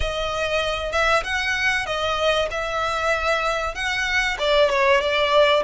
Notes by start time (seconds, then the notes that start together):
0.00 D#5
0.91 E5
1.23 F#5
1.86 D#5
2.51 E5
3.74 F#5
4.39 D5
4.69 C#5
5.00 D5